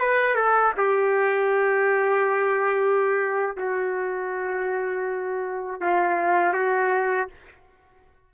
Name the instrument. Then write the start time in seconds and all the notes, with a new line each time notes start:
trumpet
0.00 B4
0.35 A4
0.77 G4
3.57 F#4
5.81 F4
6.54 F#4